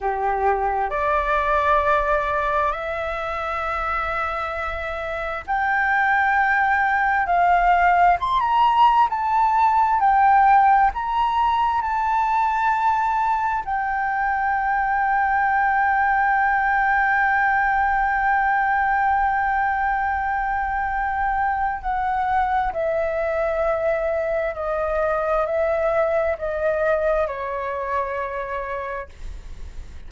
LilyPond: \new Staff \with { instrumentName = "flute" } { \time 4/4 \tempo 4 = 66 g'4 d''2 e''4~ | e''2 g''2 | f''4 c'''16 ais''8. a''4 g''4 | ais''4 a''2 g''4~ |
g''1~ | g''1 | fis''4 e''2 dis''4 | e''4 dis''4 cis''2 | }